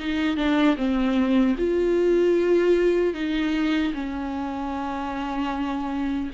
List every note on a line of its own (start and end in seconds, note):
0.00 0.37 D#4
0.37 0.76 D4
0.77 1.56 C4
1.58 3.14 F4
3.14 3.93 D#4
3.94 6.31 C#4